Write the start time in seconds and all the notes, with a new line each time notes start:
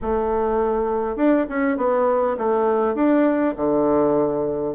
0.01 A3
1.16 D4
1.49 C#4
1.77 B3
2.37 A3
2.94 D4
3.56 D3